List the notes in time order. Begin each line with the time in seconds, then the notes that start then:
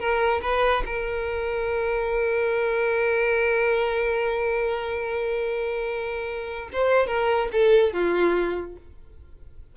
0.00 A#4
0.42 B4
0.87 A#4
6.73 C5
7.08 A#4
7.53 A4
7.93 F4